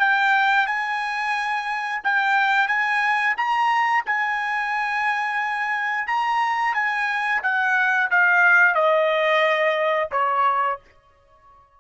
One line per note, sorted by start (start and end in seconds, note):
0.00 0.67 G5
0.67 2.02 G#5
2.04 2.68 G5
2.68 3.35 G#5
3.37 4.04 A#5
4.06 6.07 G#5
6.07 6.74 A#5
6.74 7.42 G#5
7.43 8.11 F#5
8.11 8.75 F5
8.75 10.10 D#5
10.12 10.79 C#5